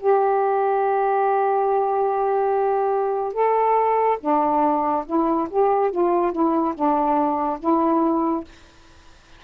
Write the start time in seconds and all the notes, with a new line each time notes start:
0.00 G4
3.34 A4
4.20 D4
5.06 E4
5.50 G4
5.92 F4
6.32 E4
6.75 D4
7.60 E4